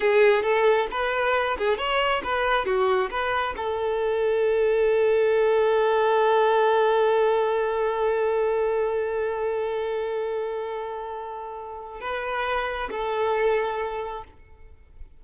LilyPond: \new Staff \with { instrumentName = "violin" } { \time 4/4 \tempo 4 = 135 gis'4 a'4 b'4. gis'8 | cis''4 b'4 fis'4 b'4 | a'1~ | a'1~ |
a'1~ | a'1~ | a'2. b'4~ | b'4 a'2. | }